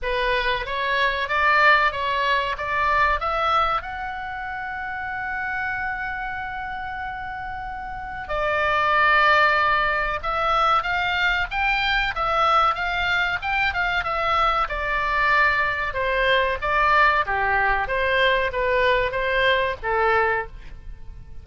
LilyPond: \new Staff \with { instrumentName = "oboe" } { \time 4/4 \tempo 4 = 94 b'4 cis''4 d''4 cis''4 | d''4 e''4 fis''2~ | fis''1~ | fis''4 d''2. |
e''4 f''4 g''4 e''4 | f''4 g''8 f''8 e''4 d''4~ | d''4 c''4 d''4 g'4 | c''4 b'4 c''4 a'4 | }